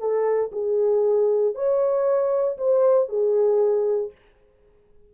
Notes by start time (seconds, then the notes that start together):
0.00 A4
0.52 G#4
1.55 C#5
2.58 C5
3.09 G#4